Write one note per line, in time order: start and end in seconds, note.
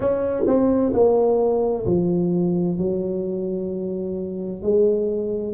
0.00 0.44 C#4
0.46 0.92 C4
0.93 1.85 A#3
1.85 2.77 F3
2.77 4.62 F#3
4.62 5.53 G#3